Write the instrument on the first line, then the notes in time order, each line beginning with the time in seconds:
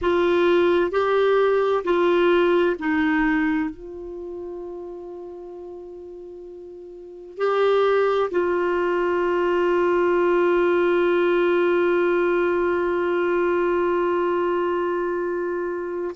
clarinet
0.01 F4
0.91 G4
1.84 F4
2.79 D#4
3.69 F4
7.37 G4
8.30 F4